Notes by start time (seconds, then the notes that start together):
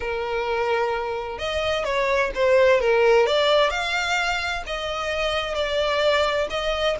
0.00 A#4
1.38 D#5
1.84 C#5
2.34 C5
2.80 A#4
3.26 D5
3.70 F5
4.66 D#5
5.54 D5
6.49 D#5